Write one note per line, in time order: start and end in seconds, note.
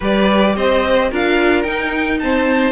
0.00 0.56 G3
0.00 1.11 G4
0.00 0.55 B4
0.00 0.56 D5
0.56 1.11 C4
0.56 1.10 C5
0.56 1.11 D#5
1.10 1.64 D4
1.10 1.65 F4
1.10 2.20 A#4
1.10 1.62 F5
1.62 2.72 D#4
1.62 2.20 D#4
1.62 2.17 G5
2.19 2.72 C4
2.19 2.72 C5
2.19 2.72 A5